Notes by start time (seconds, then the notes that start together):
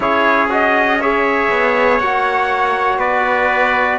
0.00 C#4 E4 G#4 C#5
0.49 F#4 D#5
1.00 G#4 C#5 E5
1.50 B3
1.98 A#3 F#4 F#5
2.98 B3 B4 D5